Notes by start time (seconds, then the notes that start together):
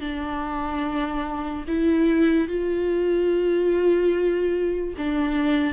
0.00 D4
1.67 E4
2.48 F4
4.97 D4